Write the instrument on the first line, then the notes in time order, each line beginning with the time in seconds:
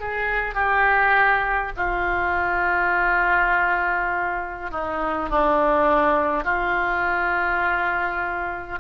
oboe
0.00 G#4
0.55 G4
1.76 F4
4.71 D#4
5.29 D4
6.44 F4